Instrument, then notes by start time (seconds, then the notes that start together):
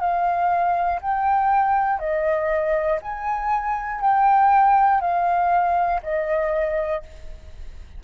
flute
0.00 F5
1.01 G5
1.99 D#5
3.02 G#5
4.00 G5
5.00 F5
6.02 D#5